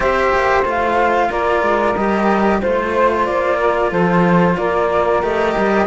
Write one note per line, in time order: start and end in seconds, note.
0.00 0.30 C4
0.00 0.63 G4
0.00 1.29 C5
0.00 0.65 E5
0.33 0.63 A#3
0.63 1.29 A3
0.63 1.95 F4
0.63 1.31 F5
1.29 1.62 A#3
1.29 2.60 A#4
1.29 1.95 D5
1.62 1.95 G#3
1.95 2.62 G3
1.95 2.62 G4
1.95 2.60 D#5
2.61 3.28 A3
2.61 5.22 F4
2.61 3.57 C5
2.61 3.25 C5
3.25 3.91 A#3
3.25 3.90 D5
3.57 3.89 A#4
3.89 4.56 F3
3.89 4.54 A4
3.89 4.57 C5
4.57 5.22 A#3
4.57 5.86 A#4
4.57 5.22 D5
5.22 5.55 A3
5.22 5.86 G4
5.22 5.86 D#5
5.57 5.86 G3